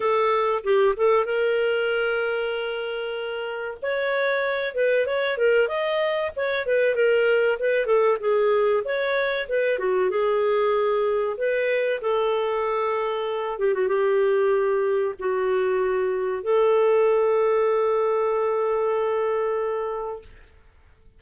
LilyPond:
\new Staff \with { instrumentName = "clarinet" } { \time 4/4 \tempo 4 = 95 a'4 g'8 a'8 ais'2~ | ais'2 cis''4. b'8 | cis''8 ais'8 dis''4 cis''8 b'8 ais'4 | b'8 a'8 gis'4 cis''4 b'8 fis'8 |
gis'2 b'4 a'4~ | a'4. g'16 fis'16 g'2 | fis'2 a'2~ | a'1 | }